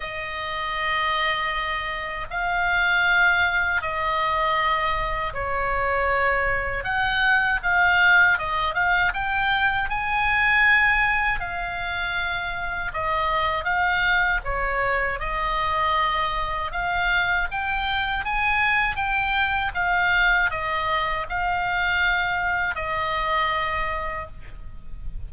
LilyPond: \new Staff \with { instrumentName = "oboe" } { \time 4/4 \tempo 4 = 79 dis''2. f''4~ | f''4 dis''2 cis''4~ | cis''4 fis''4 f''4 dis''8 f''8 | g''4 gis''2 f''4~ |
f''4 dis''4 f''4 cis''4 | dis''2 f''4 g''4 | gis''4 g''4 f''4 dis''4 | f''2 dis''2 | }